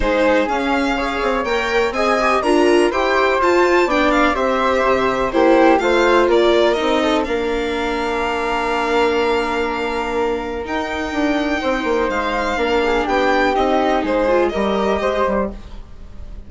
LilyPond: <<
  \new Staff \with { instrumentName = "violin" } { \time 4/4 \tempo 4 = 124 c''4 f''2 g''4 | gis''4 ais''4 g''4 a''4 | g''8 f''8 e''2 c''4 | f''4 d''4 dis''4 f''4~ |
f''1~ | f''2 g''2~ | g''4 f''2 g''4 | dis''4 c''4 dis''2 | }
  \new Staff \with { instrumentName = "flute" } { \time 4/4 gis'2 cis''2 | dis''4 ais'4 c''2 | d''4 c''2 g'4 | c''4 ais'4. a'8 ais'4~ |
ais'1~ | ais'1 | c''2 ais'8 gis'8 g'4~ | g'4 gis'4 ais'4 c''4 | }
  \new Staff \with { instrumentName = "viola" } { \time 4/4 dis'4 cis'4 gis'4 ais'4 | gis'8 g'8 f'4 g'4 f'4 | d'4 g'2 e'4 | f'2 dis'4 d'4~ |
d'1~ | d'2 dis'2~ | dis'2 d'2 | dis'4. f'8 g'2 | }
  \new Staff \with { instrumentName = "bassoon" } { \time 4/4 gis4 cis'4. c'8 ais4 | c'4 d'4 e'4 f'4 | b4 c'4 c4 ais4 | a4 ais4 c'4 ais4~ |
ais1~ | ais2 dis'4 d'4 | c'8 ais8 gis4 ais4 b4 | c'4 gis4 g4 gis8 g8 | }
>>